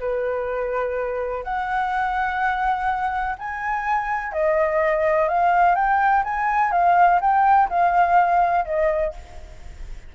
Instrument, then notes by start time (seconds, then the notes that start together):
flute
0.00 B4
1.44 F#5
3.39 G#5
4.33 D#5
5.29 F5
5.75 G5
6.24 G#5
6.72 F5
7.21 G5
7.69 F5
8.66 D#5